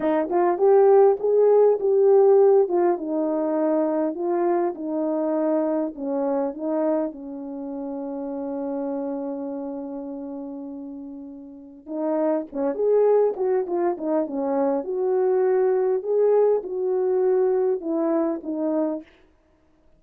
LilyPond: \new Staff \with { instrumentName = "horn" } { \time 4/4 \tempo 4 = 101 dis'8 f'8 g'4 gis'4 g'4~ | g'8 f'8 dis'2 f'4 | dis'2 cis'4 dis'4 | cis'1~ |
cis'1 | dis'4 cis'8 gis'4 fis'8 f'8 dis'8 | cis'4 fis'2 gis'4 | fis'2 e'4 dis'4 | }